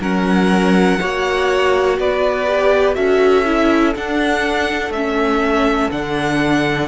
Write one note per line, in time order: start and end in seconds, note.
0.00 0.98 F#3
0.00 0.98 C#4
0.00 0.99 A#4
0.00 1.99 F#5
0.98 1.98 A#3
0.98 2.46 F#4
0.98 1.99 C#5
1.98 2.96 B3
1.98 2.95 B4
1.98 2.95 D5
2.47 2.95 G4
2.95 3.95 C#4
2.95 3.44 F#4
2.95 6.87 A4
2.95 3.93 E5
3.45 3.94 E4
3.94 4.93 D4
3.94 4.90 D4
3.94 4.92 F#5
4.90 5.88 A3
4.90 5.91 C#4
4.90 5.91 E5
5.91 6.87 D3
5.91 6.87 D4
5.91 6.87 F#5